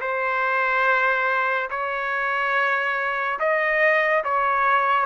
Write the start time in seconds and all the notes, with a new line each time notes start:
0.00 C5
1.70 C#5
3.39 D#5
4.24 C#5